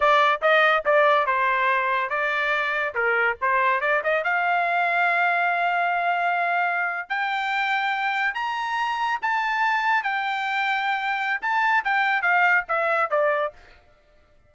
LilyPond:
\new Staff \with { instrumentName = "trumpet" } { \time 4/4 \tempo 4 = 142 d''4 dis''4 d''4 c''4~ | c''4 d''2 ais'4 | c''4 d''8 dis''8 f''2~ | f''1~ |
f''8. g''2. ais''16~ | ais''4.~ ais''16 a''2 g''16~ | g''2. a''4 | g''4 f''4 e''4 d''4 | }